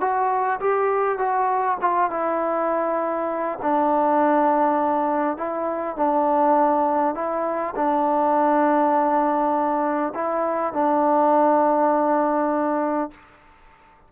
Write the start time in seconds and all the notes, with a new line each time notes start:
0.00 F#4
0.60 G4
1.18 F#4
1.81 F4
2.10 E4
3.62 D4
5.37 E4
5.96 D4
7.14 E4
7.75 D4
10.14 E4
10.73 D4